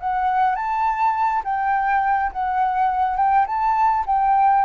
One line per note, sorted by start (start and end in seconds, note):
0.00 0.55 F#5
0.55 1.43 A5
1.45 2.32 G5
2.32 3.17 F#5
3.17 3.46 G5
3.47 4.05 A5
4.06 4.65 G5